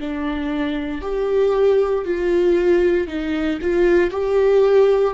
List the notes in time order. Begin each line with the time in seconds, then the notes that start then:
0.00 D4
1.02 G4
2.05 F4
3.08 D#4
3.61 F4
4.11 G4